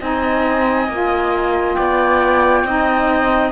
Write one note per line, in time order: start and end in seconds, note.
0.00 0.88 C4
0.00 0.88 D#4
0.00 1.77 D#5
0.00 1.74 G#5
0.88 1.76 A#3
0.88 2.66 F4
1.74 2.64 B3
1.74 2.65 D5
1.74 3.51 G5
2.64 3.52 C4
2.64 3.52 D#4
2.64 3.52 D#5